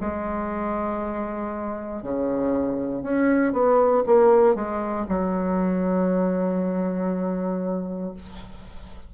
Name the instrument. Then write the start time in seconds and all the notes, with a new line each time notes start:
bassoon
0.00 G#3
2.02 C#3
3.02 C#4
3.52 B3
4.06 A#3
4.55 G#3
5.08 F#3